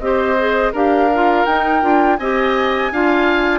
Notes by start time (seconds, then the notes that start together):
0.00 C4 G4 D#5
0.07 C5
0.39 G#4
0.72 D4 G4 A#4 F5
1.14 F4
1.46 D#4 G5
1.82 D4 F4
2.17 C4 G4 D#5 G#5
2.91 D4 F4 F5